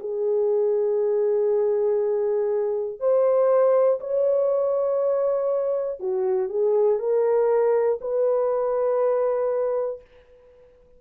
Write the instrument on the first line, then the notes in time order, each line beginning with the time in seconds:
horn
0.00 G#4
3.00 C5
4.00 C#5
6.00 F#4
6.49 G#4
7.00 A#4
8.01 B4